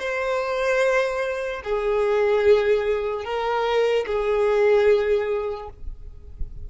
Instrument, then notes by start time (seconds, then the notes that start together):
violin
0.00 C5
1.64 G#4
3.25 A#4
4.07 G#4